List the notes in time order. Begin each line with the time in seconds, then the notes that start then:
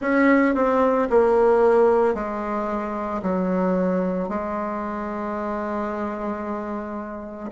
0.00 C#4
0.54 C4
1.10 A#3
2.14 G#3
3.22 F#3
4.29 G#3